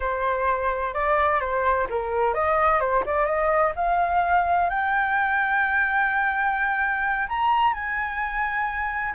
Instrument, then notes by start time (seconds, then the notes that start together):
flute
0.00 C5
0.94 D5
1.40 C5
1.89 A#4
2.34 D#5
2.80 C5
3.05 D5
3.25 D#5
3.75 F5
4.69 G5
7.28 A#5
7.73 G#5